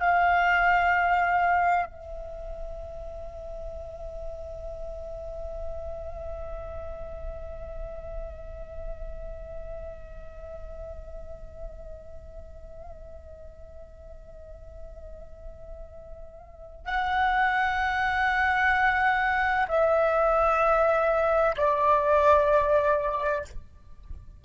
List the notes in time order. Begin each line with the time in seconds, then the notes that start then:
0.00 F5
1.86 E5
16.85 F#5
19.68 E5
21.57 D5